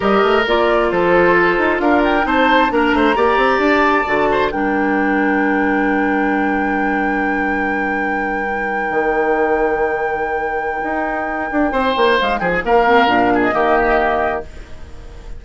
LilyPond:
<<
  \new Staff \with { instrumentName = "flute" } { \time 4/4 \tempo 4 = 133 dis''4 d''4 c''2 | f''8 g''8 a''4 ais''2 | a''2 g''2~ | g''1~ |
g''1~ | g''1~ | g''2. f''8 g''16 gis''16 | f''4.~ f''16 dis''2~ dis''16 | }
  \new Staff \with { instrumentName = "oboe" } { \time 4/4 ais'2 a'2 | ais'4 c''4 ais'8 c''8 d''4~ | d''4. c''8 ais'2~ | ais'1~ |
ais'1~ | ais'1~ | ais'2 c''4. gis'8 | ais'4. gis'8 g'2 | }
  \new Staff \with { instrumentName = "clarinet" } { \time 4/4 g'4 f'2.~ | f'4 dis'4 d'4 g'4~ | g'4 fis'4 d'2~ | d'1~ |
d'2~ d'8. dis'4~ dis'16~ | dis'1~ | dis'1~ | dis'8 c'8 d'4 ais2 | }
  \new Staff \with { instrumentName = "bassoon" } { \time 4/4 g8 a8 ais4 f4. dis'8 | d'4 c'4 ais8 a8 ais8 c'8 | d'4 d4 g2~ | g1~ |
g2.~ g8. dis16~ | dis1 | dis'4. d'8 c'8 ais8 gis8 f8 | ais4 ais,4 dis2 | }
>>